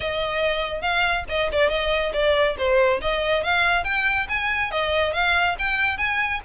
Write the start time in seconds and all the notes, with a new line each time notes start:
0.00 D#5
0.81 F5
1.28 D#5
1.51 D5
1.69 D#5
2.13 D5
2.58 C5
3.01 D#5
3.43 F5
3.84 G5
4.29 G#5
4.71 D#5
5.13 F5
5.59 G5
5.97 G#5